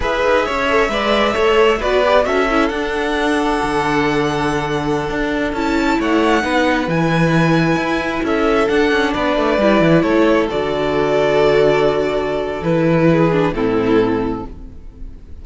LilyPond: <<
  \new Staff \with { instrumentName = "violin" } { \time 4/4 \tempo 4 = 133 e''1 | d''4 e''4 fis''2~ | fis''1~ | fis''16 a''4 fis''2 gis''8.~ |
gis''2~ gis''16 e''4 fis''8.~ | fis''16 d''2 cis''4 d''8.~ | d''1 | b'2 a'2 | }
  \new Staff \with { instrumentName = "violin" } { \time 4/4 b'4 cis''4 d''4 cis''4 | b'4 a'2.~ | a'1~ | a'4~ a'16 cis''4 b'4.~ b'16~ |
b'2~ b'16 a'4.~ a'16~ | a'16 b'2 a'4.~ a'16~ | a'1~ | a'4 gis'4 e'2 | }
  \new Staff \with { instrumentName = "viola" } { \time 4/4 gis'4. a'8 b'4 a'4 | fis'8 g'8 fis'8 e'8 d'2~ | d'1~ | d'16 e'2 dis'4 e'8.~ |
e'2.~ e'16 d'8.~ | d'4~ d'16 e'2 fis'8.~ | fis'1 | e'4. d'8 c'2 | }
  \new Staff \with { instrumentName = "cello" } { \time 4/4 e'8 dis'8 cis'4 gis4 a4 | b4 cis'4 d'2 | d2.~ d16 d'8.~ | d'16 cis'4 a4 b4 e8.~ |
e4~ e16 e'4 cis'4 d'8 cis'16~ | cis'16 b8 a8 g8 e8 a4 d8.~ | d1 | e2 a,2 | }
>>